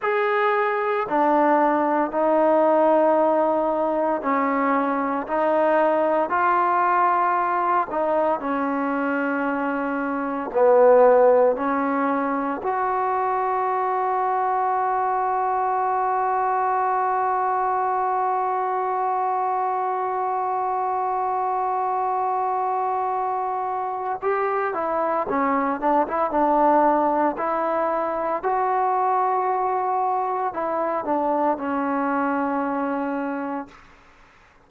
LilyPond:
\new Staff \with { instrumentName = "trombone" } { \time 4/4 \tempo 4 = 57 gis'4 d'4 dis'2 | cis'4 dis'4 f'4. dis'8 | cis'2 b4 cis'4 | fis'1~ |
fis'1~ | fis'2. g'8 e'8 | cis'8 d'16 e'16 d'4 e'4 fis'4~ | fis'4 e'8 d'8 cis'2 | }